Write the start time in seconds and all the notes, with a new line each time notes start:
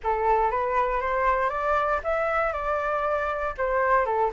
0.03 A4
0.50 B4
1.01 C5
1.49 D5
2.03 E5
2.52 D5
3.57 C5
4.05 A4